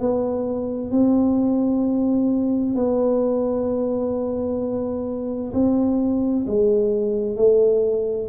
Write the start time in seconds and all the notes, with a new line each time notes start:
0.00 B3
0.91 C4
2.76 B3
5.54 C4
6.47 G#3
7.37 A3